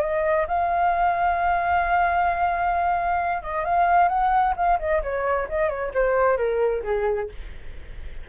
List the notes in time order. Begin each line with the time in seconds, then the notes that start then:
0.00 D#5
0.47 F5
3.42 D#5
3.64 F5
4.08 F#5
4.56 F5
4.79 D#5
5.02 C#5
5.48 D#5
5.69 C#5
5.94 C5
6.37 A#4
6.83 G#4